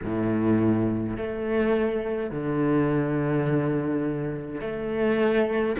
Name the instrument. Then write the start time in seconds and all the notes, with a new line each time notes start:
cello
0.04 A2
1.16 A3
2.30 D3
4.60 A3